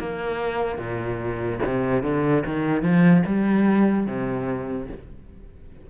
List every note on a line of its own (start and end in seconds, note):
0.00 0.79 A#3
0.79 1.60 A#2
1.65 2.03 C3
2.03 2.43 D3
2.46 2.82 D#3
2.82 3.23 F3
3.27 4.07 G3
4.07 4.88 C3